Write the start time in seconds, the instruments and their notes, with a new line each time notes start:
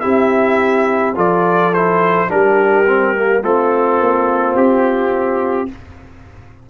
0.00 tuba C4, trombone E4, horn G4, trumpet E5
1.15 tuba F3, trombone F4, horn A4, trumpet D5
1.73 trombone E4, trumpet C5
2.28 tuba G3, trombone D4, horn G4, trumpet A#4
2.87 trombone C4
3.15 trombone A#3
3.42 tuba A3, trombone C4, horn F4, trumpet A4
4.00 tuba A#3
4.55 tuba C4, trumpet G4